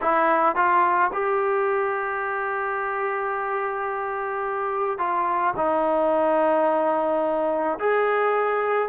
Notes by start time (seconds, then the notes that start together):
0.01 E4
0.55 F4
1.12 G4
4.98 F4
5.56 D#4
7.79 G#4